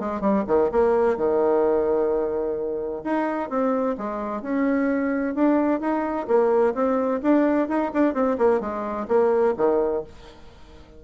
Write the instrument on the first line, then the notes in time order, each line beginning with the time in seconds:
bassoon
0.00 G#3
0.21 G3
0.48 D#3
0.72 A#3
1.17 D#3
3.05 D#4
3.50 C4
3.98 G#3
4.42 C#4
5.35 D4
5.81 D#4
6.28 A#3
6.75 C4
7.23 D4
7.69 D#4
7.94 D4
8.15 C4
8.38 A#3
8.61 G#3
9.08 A#3
9.58 D#3